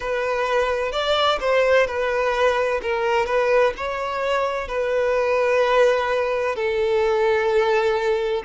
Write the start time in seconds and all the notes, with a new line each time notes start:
0.00 B4
0.92 D5
1.40 C5
1.87 B4
2.82 A#4
3.26 B4
3.77 C#5
4.67 B4
6.55 A4